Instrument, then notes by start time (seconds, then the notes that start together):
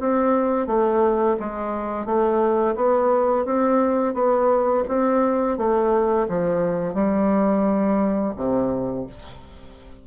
bassoon
0.00 C4
0.67 A3
1.40 G#3
2.05 A3
2.76 B3
3.45 C4
4.14 B3
4.88 C4
5.58 A3
6.28 F3
6.94 G3
8.36 C3